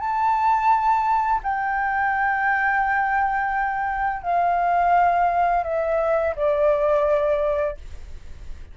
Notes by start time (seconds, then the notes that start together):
0.00 A5
1.43 G5
4.23 F5
5.64 E5
6.36 D5